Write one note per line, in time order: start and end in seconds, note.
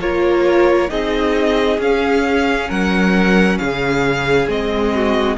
0.00 0.90 A#3
0.00 0.88 F4
0.00 0.90 A#4
0.00 0.90 C#5
0.88 1.78 C4
0.88 1.78 D#4
0.88 2.68 G#4
0.88 1.79 D#5
1.78 2.68 C#4
1.78 4.47 C#4
1.78 2.70 F5
2.68 3.59 F#3
2.68 3.58 A#4
2.68 3.58 F#5
3.58 4.47 C#3
3.58 4.93 G#4
3.58 4.47 F5
4.47 5.37 G#3
4.47 5.37 C4
4.47 5.37 D#5
4.94 5.37 F#4